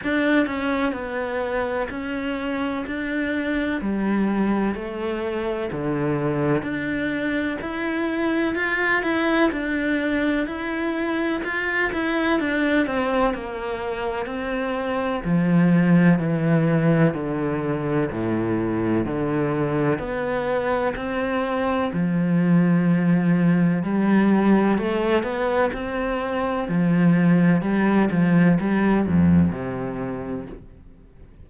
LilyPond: \new Staff \with { instrumentName = "cello" } { \time 4/4 \tempo 4 = 63 d'8 cis'8 b4 cis'4 d'4 | g4 a4 d4 d'4 | e'4 f'8 e'8 d'4 e'4 | f'8 e'8 d'8 c'8 ais4 c'4 |
f4 e4 d4 a,4 | d4 b4 c'4 f4~ | f4 g4 a8 b8 c'4 | f4 g8 f8 g8 f,8 c4 | }